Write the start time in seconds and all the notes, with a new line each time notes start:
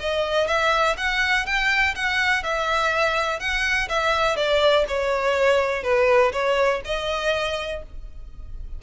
0.00 D#5
0.48 E5
0.98 F#5
1.46 G5
1.96 F#5
2.43 E5
3.40 F#5
3.89 E5
4.37 D5
4.88 C#5
5.83 B4
6.33 C#5
6.85 D#5